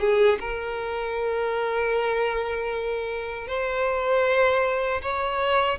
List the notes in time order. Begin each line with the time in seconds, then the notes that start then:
0.00 G#4
0.40 A#4
3.47 C5
5.02 C#5